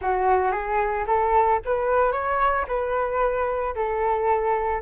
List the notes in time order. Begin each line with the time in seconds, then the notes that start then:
0.01 F#4
0.51 G#4
1.06 A4
1.65 B4
2.12 C#5
2.67 B4
3.75 A4